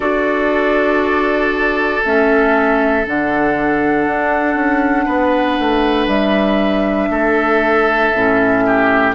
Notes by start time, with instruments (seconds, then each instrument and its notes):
0.00 bassoon D4, clarinet F#4, oboe A4, flute D5
2.04 bassoon A3, clarinet C#4, flute E5
3.04 bassoon D3, clarinet D4, flute F#5
4.06 bassoon D4
4.55 bassoon C#4
5.05 bassoon B3, oboe B4
5.59 bassoon A3
6.07 bassoon G3, flute E5
7.09 bassoon A3, oboe A4
8.14 bassoon A2, clarinet C#4
8.66 oboe G4